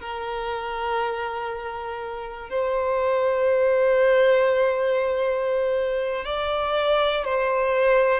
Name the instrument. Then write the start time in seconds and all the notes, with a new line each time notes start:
violin
0.00 A#4
2.49 C5
6.24 D5
7.25 C5